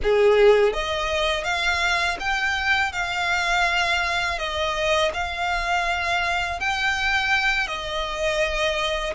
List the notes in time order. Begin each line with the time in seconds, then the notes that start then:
0.02 G#4
0.73 D#5
1.43 F5
2.19 G5
2.92 F5
4.38 D#5
5.13 F5
6.60 G5
7.67 D#5